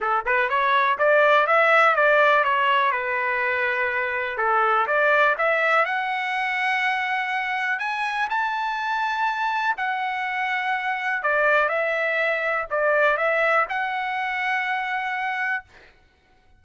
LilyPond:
\new Staff \with { instrumentName = "trumpet" } { \time 4/4 \tempo 4 = 123 a'8 b'8 cis''4 d''4 e''4 | d''4 cis''4 b'2~ | b'4 a'4 d''4 e''4 | fis''1 |
gis''4 a''2. | fis''2. d''4 | e''2 d''4 e''4 | fis''1 | }